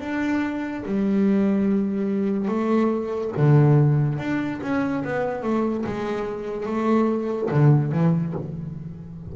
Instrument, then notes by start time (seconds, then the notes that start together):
double bass
0.00 D4
0.86 G3
2.48 A3
3.37 D3
4.18 D4
4.62 C#4
5.03 B3
5.42 A3
5.86 G#3
6.66 A3
7.50 D3
7.92 E3